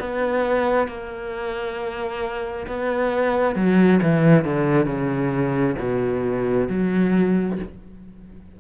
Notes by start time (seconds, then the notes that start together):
0.00 B3
0.88 A#3
2.67 B3
3.56 F#3
4.02 E3
4.45 D3
4.86 C#3
5.79 B2
6.69 F#3